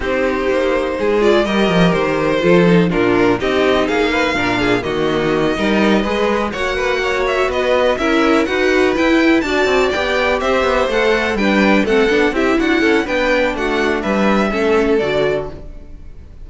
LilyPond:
<<
  \new Staff \with { instrumentName = "violin" } { \time 4/4 \tempo 4 = 124 c''2~ c''8 d''8 dis''4 | c''2 ais'4 dis''4 | f''2 dis''2~ | dis''4. fis''4. e''8 dis''8~ |
dis''8 e''4 fis''4 g''4 a''8~ | a''8 g''4 e''4 fis''4 g''8~ | g''8 fis''4 e''8 fis''4 g''4 | fis''4 e''2 d''4 | }
  \new Staff \with { instrumentName = "violin" } { \time 4/4 g'2 gis'4 ais'4~ | ais'4 a'4 f'4 g'4 | gis'8 b'8 ais'8 gis'8 fis'4. ais'8~ | ais'8 b'4 cis''8 b'8 cis''4 b'8~ |
b'8 ais'4 b'2 d''8~ | d''4. c''2 b'8~ | b'8 a'4 g'8 fis'8 a'8 b'4 | fis'4 b'4 a'2 | }
  \new Staff \with { instrumentName = "viola" } { \time 4/4 dis'2~ dis'8 f'8 g'4~ | g'4 f'8 dis'8 d'4 dis'4~ | dis'4 d'4 ais4. dis'8~ | dis'8 gis'4 fis'2~ fis'8~ |
fis'8 e'4 fis'4 e'4 fis'8~ | fis'8 g'2 a'4 d'8~ | d'8 c'8 d'8 e'4. d'4~ | d'2 cis'4 fis'4 | }
  \new Staff \with { instrumentName = "cello" } { \time 4/4 c'4 ais4 gis4 g8 f8 | dis4 f4 ais,4 c'4 | ais4 ais,4 dis4. g8~ | g8 gis4 ais2 b8~ |
b8 cis'4 dis'4 e'4 d'8 | c'8 b4 c'8 b8 a4 g8~ | g8 a8 b8 c'8 d'8 cis'8 b4 | a4 g4 a4 d4 | }
>>